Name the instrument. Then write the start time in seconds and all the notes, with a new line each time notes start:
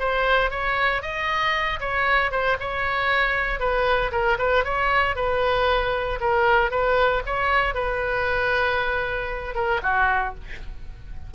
oboe
0.00 C5
0.51 C#5
1.03 D#5
1.81 C#5
2.32 C5
2.61 C#5
3.60 B4
4.12 A#4
4.39 B4
4.65 C#5
5.16 B4
6.21 A#4
6.71 B4
7.26 C#5
7.75 B4
9.55 A#4
9.83 F#4